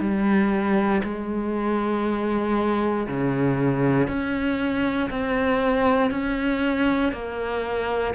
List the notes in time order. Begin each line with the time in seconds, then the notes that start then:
0.00 G3
1.04 G#3
3.07 C#3
4.08 C#4
5.10 C4
6.11 C#4
7.12 A#3